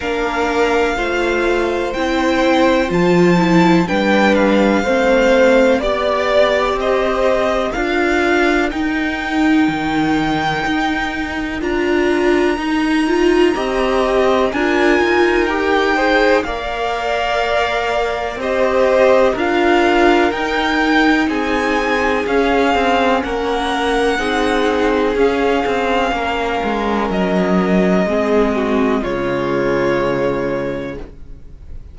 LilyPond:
<<
  \new Staff \with { instrumentName = "violin" } { \time 4/4 \tempo 4 = 62 f''2 g''4 a''4 | g''8 f''4. d''4 dis''4 | f''4 g''2. | ais''2. gis''4 |
g''4 f''2 dis''4 | f''4 g''4 gis''4 f''4 | fis''2 f''2 | dis''2 cis''2 | }
  \new Staff \with { instrumentName = "violin" } { \time 4/4 ais'4 c''2. | b'4 c''4 d''4 c''4 | ais'1~ | ais'2 dis''4 ais'4~ |
ais'8 c''8 d''2 c''4 | ais'2 gis'2 | ais'4 gis'2 ais'4~ | ais'4 gis'8 fis'8 f'2 | }
  \new Staff \with { instrumentName = "viola" } { \time 4/4 d'4 f'4 e'4 f'8 e'8 | d'4 c'4 g'2 | f'4 dis'2. | f'4 dis'8 f'8 g'4 f'4 |
g'8 gis'8 ais'2 g'4 | f'4 dis'2 cis'4~ | cis'4 dis'4 cis'2~ | cis'4 c'4 gis2 | }
  \new Staff \with { instrumentName = "cello" } { \time 4/4 ais4 a4 c'4 f4 | g4 a4 b4 c'4 | d'4 dis'4 dis4 dis'4 | d'4 dis'4 c'4 d'8 dis'8~ |
dis'4 ais2 c'4 | d'4 dis'4 c'4 cis'8 c'8 | ais4 c'4 cis'8 c'8 ais8 gis8 | fis4 gis4 cis2 | }
>>